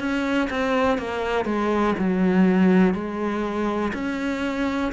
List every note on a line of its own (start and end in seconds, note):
0.00 0.49 C#4
0.51 0.99 C4
0.99 1.45 A#3
1.45 1.94 G#3
1.99 2.95 F#3
2.95 3.93 G#3
3.94 4.92 C#4